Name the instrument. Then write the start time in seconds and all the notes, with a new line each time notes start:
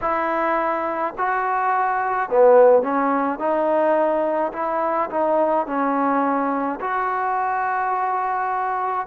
trombone
0.01 E4
1.17 F#4
2.30 B3
2.82 C#4
3.38 D#4
4.53 E4
5.09 D#4
5.66 C#4
6.80 F#4